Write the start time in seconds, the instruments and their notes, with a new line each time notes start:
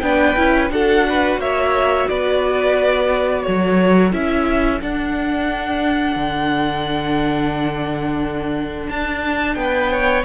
0.00 cello B3, viola D4, violin B4 G5
0.37 cello C#4, viola E4
0.71 cello D4, viola F#4, violin A4 F#5
1.09 violin B4
1.38 cello A#3, violin C#5 E5
2.09 cello B3, violin B4 D5
3.43 cello F#3, violin A4 C#5
4.12 cello C#4, viola E4, violin E5
4.82 viola D4, cello D4, violin F#5
6.16 cello D3
8.89 cello D4, violin A5
9.55 cello B3, violin B4 G5
9.92 violin C#5